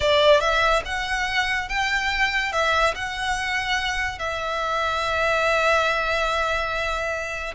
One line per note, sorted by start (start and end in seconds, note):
0.00 0.40 D5
0.40 0.82 E5
0.85 1.68 F#5
1.68 2.52 G5
2.52 2.94 E5
2.94 4.18 F#5
4.18 7.54 E5